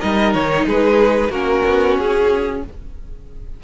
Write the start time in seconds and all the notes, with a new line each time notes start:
0.00 G3 D#4 A#4 D#5
0.33 D#3 C#5
0.66 G#3 G#4 B4
1.29 A#3 C#4 F#4 A#4
1.65 B3
1.98 C#4 G#4